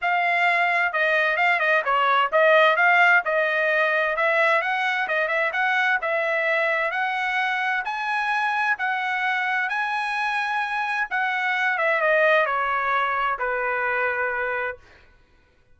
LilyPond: \new Staff \with { instrumentName = "trumpet" } { \time 4/4 \tempo 4 = 130 f''2 dis''4 f''8 dis''8 | cis''4 dis''4 f''4 dis''4~ | dis''4 e''4 fis''4 dis''8 e''8 | fis''4 e''2 fis''4~ |
fis''4 gis''2 fis''4~ | fis''4 gis''2. | fis''4. e''8 dis''4 cis''4~ | cis''4 b'2. | }